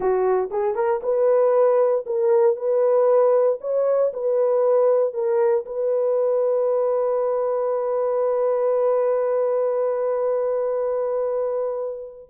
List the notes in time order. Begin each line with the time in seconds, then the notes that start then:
0.00 F#4
0.51 G#4
0.75 A#4
1.02 B4
2.06 A#4
2.56 B4
3.61 C#5
4.13 B4
5.13 A#4
5.65 B4